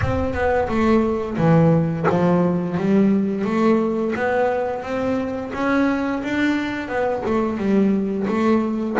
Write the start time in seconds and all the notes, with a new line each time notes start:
0.01 C4
0.33 B3
0.68 A3
1.37 E3
2.09 F3
2.77 G3
3.45 A3
4.15 B3
4.82 C4
5.53 C#4
6.23 D4
6.88 B3
7.25 A3
7.57 G3
8.27 A3